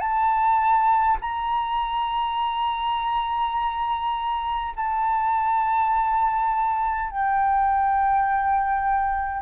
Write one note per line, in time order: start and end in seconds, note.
0.00 1.18 A5
1.21 4.74 A#5
4.76 7.10 A5
7.10 9.42 G5